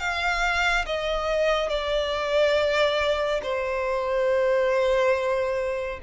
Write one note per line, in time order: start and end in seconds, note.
0.00 0.86 F5
0.86 1.70 D#5
1.70 3.41 D5
3.43 6.00 C5